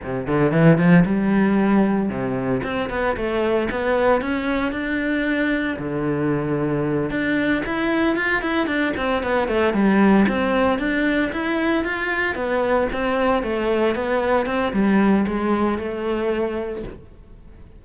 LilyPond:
\new Staff \with { instrumentName = "cello" } { \time 4/4 \tempo 4 = 114 c8 d8 e8 f8 g2 | c4 c'8 b8 a4 b4 | cis'4 d'2 d4~ | d4. d'4 e'4 f'8 |
e'8 d'8 c'8 b8 a8 g4 c'8~ | c'8 d'4 e'4 f'4 b8~ | b8 c'4 a4 b4 c'8 | g4 gis4 a2 | }